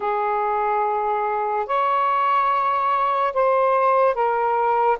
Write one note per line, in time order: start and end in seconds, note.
0.00 1.66 G#4
1.66 3.33 C#5
3.33 4.14 C5
4.14 4.97 A#4